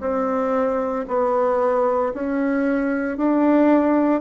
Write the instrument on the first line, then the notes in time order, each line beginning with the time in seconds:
bassoon
0.00 C4
1.08 B3
2.14 C#4
3.17 D4